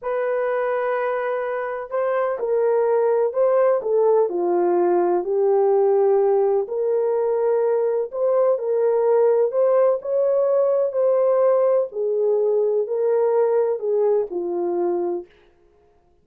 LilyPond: \new Staff \with { instrumentName = "horn" } { \time 4/4 \tempo 4 = 126 b'1 | c''4 ais'2 c''4 | a'4 f'2 g'4~ | g'2 ais'2~ |
ais'4 c''4 ais'2 | c''4 cis''2 c''4~ | c''4 gis'2 ais'4~ | ais'4 gis'4 f'2 | }